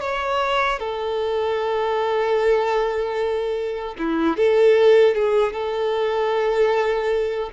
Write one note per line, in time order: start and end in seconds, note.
0.00 0.79 C#5
0.79 3.94 A4
3.98 4.37 E4
4.37 5.15 A4
5.15 5.52 G#4
5.52 7.50 A4